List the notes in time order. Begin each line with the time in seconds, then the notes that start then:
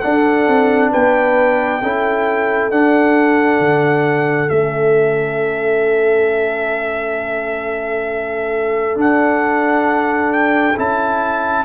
0.00 D4 A4 F#5
0.47 C4
0.91 B3 B4 G5
1.82 C#4 E4 A4
2.71 D4 F#5
3.59 D3
4.48 A3 C#4 E5
8.94 D4 F#5
10.32 G5
10.76 C#4 E4 A5